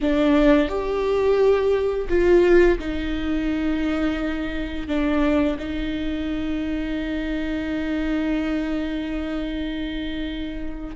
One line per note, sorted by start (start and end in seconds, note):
0.01 0.68 D4
0.68 2.08 G4
2.08 2.78 F4
2.78 4.87 D#4
4.87 5.57 D4
5.58 10.95 D#4